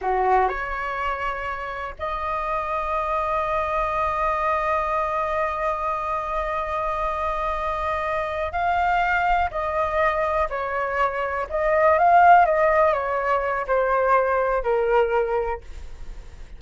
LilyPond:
\new Staff \with { instrumentName = "flute" } { \time 4/4 \tempo 4 = 123 fis'4 cis''2. | dis''1~ | dis''1~ | dis''1~ |
dis''4. f''2 dis''8~ | dis''4. cis''2 dis''8~ | dis''8 f''4 dis''4 cis''4. | c''2 ais'2 | }